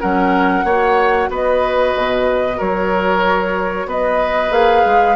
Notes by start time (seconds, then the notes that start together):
0.00 F#3 C#4 A#4 F#5
0.63 A#3 F#4 C#5
1.30 B3 B4 D#5
1.95 B2
2.57 F#3 A#4 C#5
3.86 B3 B4 D#5
4.50 A#3 G#4 F5
4.85 G#3